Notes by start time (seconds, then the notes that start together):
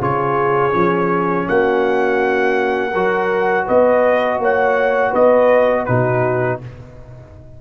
0.00 C#3 F4 G#4 C#5
0.71 F3 C#4
1.48 A#3 F#4 F#5
2.91 F#3 F#4 A#4
3.65 B3 B4 D#5
4.39 A#3 C#5 F#5
5.11 B3 B4 D#5
5.85 B2 D#4 F#4 B4